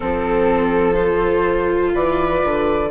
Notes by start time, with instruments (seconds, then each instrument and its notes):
0.00 bassoon F3, viola C4 A4, flute A4
0.94 viola F4, flute C5
1.94 bassoon E3, viola B4, flute D5
2.43 bassoon D3